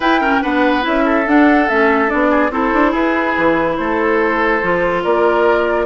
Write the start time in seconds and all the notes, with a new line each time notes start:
0.00 E4 B4 G5
0.21 C#4 A#4
0.41 B3 D4 B4 F#5
0.82 C#4 E4 E5
1.05 A4
1.26 D4 F#5
1.69 A3 C#4 E5
2.07 B3 D4 D5
2.30 G#4
2.50 C4 E4 A4 C5
2.73 D4
2.91 E4 G#4 B4
3.37 E3
3.76 A3 A4 C5
4.62 F3 F4
5.03 A#3 A#4 D5